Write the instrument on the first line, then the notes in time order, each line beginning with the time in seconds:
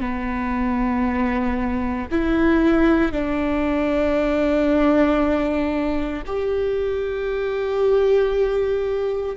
viola
0.00 B3
2.11 E4
3.12 D4
6.26 G4